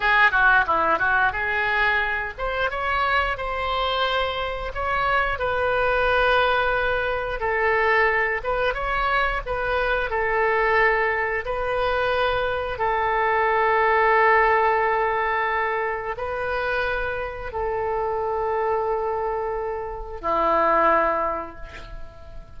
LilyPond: \new Staff \with { instrumentName = "oboe" } { \time 4/4 \tempo 4 = 89 gis'8 fis'8 e'8 fis'8 gis'4. c''8 | cis''4 c''2 cis''4 | b'2. a'4~ | a'8 b'8 cis''4 b'4 a'4~ |
a'4 b'2 a'4~ | a'1 | b'2 a'2~ | a'2 e'2 | }